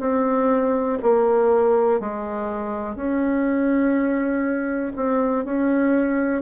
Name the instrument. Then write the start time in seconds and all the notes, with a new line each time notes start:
bassoon
0.00 C4
1.03 A#3
2.00 G#3
2.96 C#4
4.96 C4
5.45 C#4